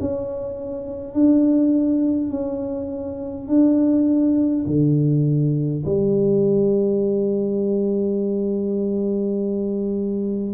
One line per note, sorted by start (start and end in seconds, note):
0.00 1.13 C#4
1.13 2.30 D4
2.30 3.48 C#4
3.48 4.65 D4
4.66 5.83 D3
5.85 10.54 G3